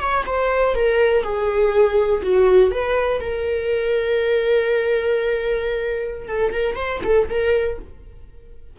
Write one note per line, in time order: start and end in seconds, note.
0.00 0.25 C#5
0.26 0.75 C5
0.75 1.23 A#4
1.23 2.22 G#4
2.23 2.71 F#4
2.71 3.20 B4
3.21 6.28 A#4
6.28 6.53 A4
6.53 6.76 A#4
6.76 7.00 C5
7.04 7.29 A4
7.29 7.79 A#4